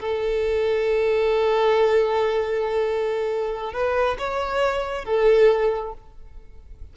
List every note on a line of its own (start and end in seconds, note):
0.00 3.73 A4
3.73 4.17 B4
4.19 5.05 C#5
5.05 5.93 A4